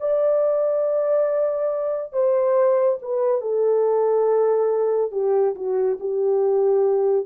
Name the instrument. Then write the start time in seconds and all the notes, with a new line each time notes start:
horn
0.00 D5
2.13 C5
3.02 B4
3.41 A4
5.12 G4
5.55 F#4
6.00 G4